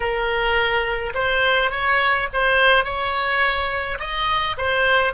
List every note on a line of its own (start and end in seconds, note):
0.00 1.13 A#4
1.14 1.71 C5
1.71 2.28 C#5
2.33 2.84 C5
2.84 3.98 C#5
3.99 4.56 D#5
4.57 5.13 C5